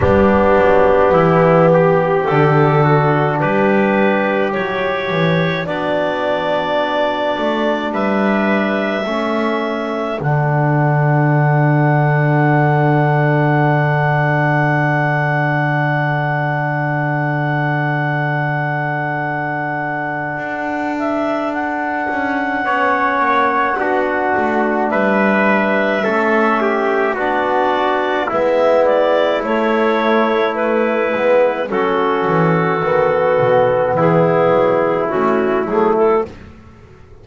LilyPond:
<<
  \new Staff \with { instrumentName = "clarinet" } { \time 4/4 \tempo 4 = 53 g'2 a'4 b'4 | cis''4 d''2 e''4~ | e''4 fis''2.~ | fis''1~ |
fis''2~ fis''8 e''8 fis''4~ | fis''2 e''2 | d''4 e''8 d''8 cis''4 b'4 | a'2 gis'4 fis'8 gis'16 a'16 | }
  \new Staff \with { instrumentName = "trumpet" } { \time 4/4 d'4 e'8 g'4 fis'8 g'4~ | g'4 fis'2 b'4 | a'1~ | a'1~ |
a'1 | cis''4 fis'4 b'4 a'8 g'8 | fis'4 e'2. | fis'2 e'2 | }
  \new Staff \with { instrumentName = "trombone" } { \time 4/4 b2 d'2 | e'4 d'2. | cis'4 d'2.~ | d'1~ |
d'1 | cis'4 d'2 cis'4 | d'4 b4 a4. b8 | cis'4 b2 cis'8 a8 | }
  \new Staff \with { instrumentName = "double bass" } { \time 4/4 g8 fis8 e4 d4 g4 | fis8 e8 b4. a8 g4 | a4 d2.~ | d1~ |
d2 d'4. cis'8 | b8 ais8 b8 a8 g4 a4 | b4 gis4 a4. gis8 | fis8 e8 dis8 b,8 e8 fis8 a8 fis8 | }
>>